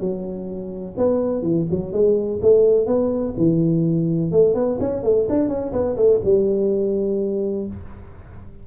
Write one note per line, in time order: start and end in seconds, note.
0.00 0.95 F#3
0.97 1.42 B3
1.42 1.66 E3
1.70 1.93 F#3
1.93 2.40 G#3
2.42 2.87 A3
2.87 3.34 B3
3.37 4.32 E3
4.32 4.55 A3
4.55 4.78 B3
4.80 5.03 C#4
5.03 5.27 A3
5.29 5.48 D4
5.48 5.72 C#4
5.73 5.96 B3
5.96 6.20 A3
6.24 7.67 G3